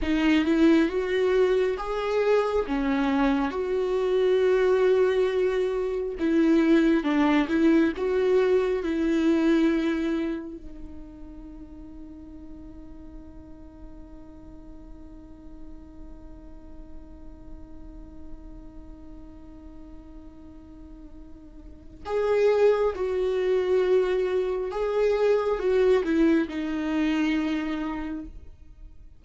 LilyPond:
\new Staff \with { instrumentName = "viola" } { \time 4/4 \tempo 4 = 68 dis'8 e'8 fis'4 gis'4 cis'4 | fis'2. e'4 | d'8 e'8 fis'4 e'2 | dis'1~ |
dis'1~ | dis'1~ | dis'4 gis'4 fis'2 | gis'4 fis'8 e'8 dis'2 | }